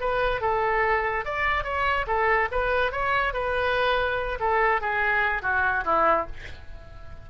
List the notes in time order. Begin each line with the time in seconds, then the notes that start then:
0.00 B4
0.41 A4
1.25 D5
1.64 C#5
2.07 A4
2.52 B4
2.92 C#5
3.34 B4
4.40 A4
4.81 G#4
5.42 F#4
5.85 E4